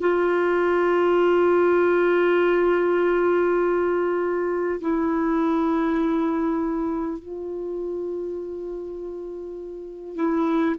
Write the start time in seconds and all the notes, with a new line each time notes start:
0.00 F4
4.81 E4
7.19 F4
10.16 E4